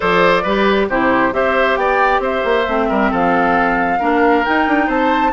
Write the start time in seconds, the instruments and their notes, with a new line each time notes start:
0.00 bassoon F3, clarinet A4, oboe C5, flute D5
0.42 bassoon G3, clarinet G4, oboe B4
0.89 bassoon C3, clarinet E4, oboe G4, flute C5
1.32 bassoon C4, clarinet G4, oboe C5, flute E5
1.76 bassoon B3, oboe D5, flute G5
2.19 bassoon C4, oboe C5, flute E5
2.44 bassoon A#3
2.68 bassoon A3, clarinet C4
2.88 bassoon G3, oboe A#4
3.10 bassoon F3, oboe A4, flute F5
3.99 bassoon A#3, clarinet D4, oboe A#4
4.45 clarinet D#4, bassoon D#4, flute G5
4.67 bassoon D4
4.86 bassoon C4, oboe C5, flute A5